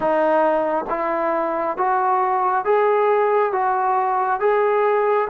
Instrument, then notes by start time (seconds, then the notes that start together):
trombone
0.00 D#4
0.89 E4
1.77 F#4
2.64 G#4
3.52 F#4
4.40 G#4